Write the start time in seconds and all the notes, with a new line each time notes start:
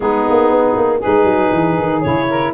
0.00 G#3 B3 D#4 G#4
0.29 A#3
0.50 B3
0.76 A#3
0.98 D#4 G#4 B4
1.06 G#3
1.23 F#3
1.51 E3
1.78 D#3
2.01 C#3 E4 C#5
2.28 A#4